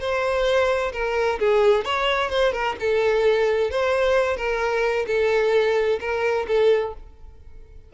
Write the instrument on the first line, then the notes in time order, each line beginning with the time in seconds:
violin
0.00 C5
0.93 A#4
1.40 G#4
1.85 C#5
2.30 C5
2.53 A#4
2.80 A4
3.71 C5
4.37 A#4
5.07 A4
6.00 A#4
6.47 A4